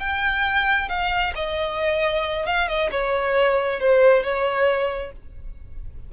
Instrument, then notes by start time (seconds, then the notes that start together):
violin
0.00 G5
0.89 F5
1.35 D#5
2.46 F5
2.68 D#5
2.92 C#5
3.80 C5
4.24 C#5